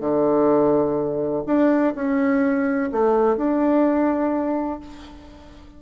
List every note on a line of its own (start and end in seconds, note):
0.00 1.43 D3
1.46 1.94 D4
1.95 2.90 C#4
2.92 3.37 A3
3.37 4.80 D4